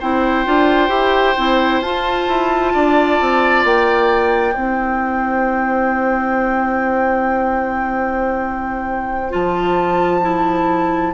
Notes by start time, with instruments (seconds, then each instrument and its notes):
0.00 bassoon C4, clarinet E4, oboe C5, flute G5
0.46 bassoon D4, clarinet F4
0.89 bassoon E4, clarinet G4
1.38 bassoon C4, clarinet E4
1.81 bassoon F4, clarinet F4, flute A5
2.28 bassoon E4
2.73 bassoon D4, oboe D5
3.21 bassoon C4
3.64 bassoon A#3, flute G5
4.53 bassoon C4, clarinet E4, oboe C5
9.30 bassoon F3, clarinet F4, flute A5
10.22 clarinet E4